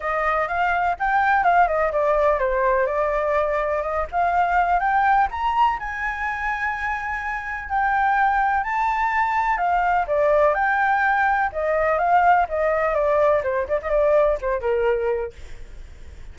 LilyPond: \new Staff \with { instrumentName = "flute" } { \time 4/4 \tempo 4 = 125 dis''4 f''4 g''4 f''8 dis''8 | d''4 c''4 d''2 | dis''8 f''4. g''4 ais''4 | gis''1 |
g''2 a''2 | f''4 d''4 g''2 | dis''4 f''4 dis''4 d''4 | c''8 d''16 dis''16 d''4 c''8 ais'4. | }